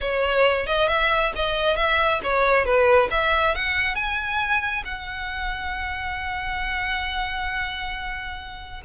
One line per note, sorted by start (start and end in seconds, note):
0.01 0.66 C#5
0.66 0.88 D#5
0.88 1.32 E5
1.35 1.76 D#5
1.76 2.20 E5
2.23 2.65 C#5
2.65 3.09 B4
3.11 3.55 E5
3.55 3.95 F#5
3.95 4.83 G#5
4.84 8.81 F#5